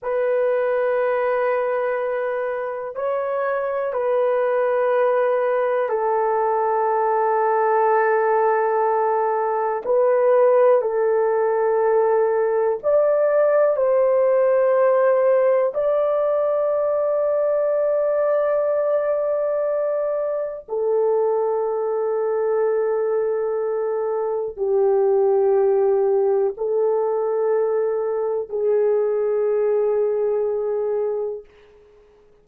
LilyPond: \new Staff \with { instrumentName = "horn" } { \time 4/4 \tempo 4 = 61 b'2. cis''4 | b'2 a'2~ | a'2 b'4 a'4~ | a'4 d''4 c''2 |
d''1~ | d''4 a'2.~ | a'4 g'2 a'4~ | a'4 gis'2. | }